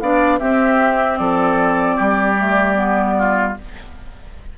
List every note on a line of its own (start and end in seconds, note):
0.00 0.40 B3
0.00 0.39 D4
0.00 0.39 D5
0.00 0.39 F5
0.39 2.36 C4
0.39 1.19 C4
0.39 1.18 G4
0.39 1.17 E5
1.17 1.98 F3
1.17 1.96 A4
1.17 3.54 D5
1.96 3.57 G3
1.96 3.14 G4
2.37 2.75 A3
2.75 3.53 B3
3.18 3.58 F4